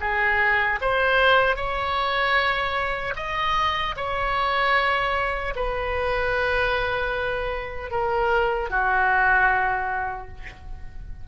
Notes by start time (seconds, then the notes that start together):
0.00 G#4
0.81 C5
1.56 C#5
3.16 D#5
3.96 C#5
5.55 B4
7.91 A#4
8.70 F#4